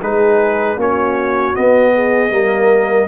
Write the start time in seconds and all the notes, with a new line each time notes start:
0.00 G#3 D#4 G#4 B4
0.76 A#3 C#4 F#4 C#5
1.54 B3 D#5
1.94 G#4
2.30 G3 A#3 A#4